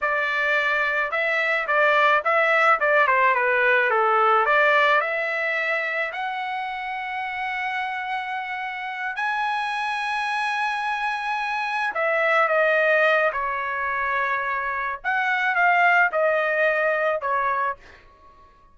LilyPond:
\new Staff \with { instrumentName = "trumpet" } { \time 4/4 \tempo 4 = 108 d''2 e''4 d''4 | e''4 d''8 c''8 b'4 a'4 | d''4 e''2 fis''4~ | fis''1~ |
fis''8 gis''2.~ gis''8~ | gis''4. e''4 dis''4. | cis''2. fis''4 | f''4 dis''2 cis''4 | }